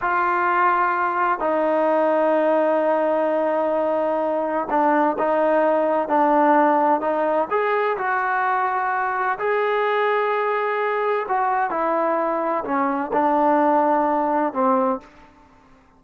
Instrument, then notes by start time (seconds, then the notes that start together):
trombone
0.01 F4
1.39 D#4
4.70 D4
5.18 D#4
6.08 D4
7.01 D#4
7.50 G#4
7.97 F#4
9.39 G#4
11.28 F#4
11.70 E4
12.64 C#4
13.12 D4
14.53 C4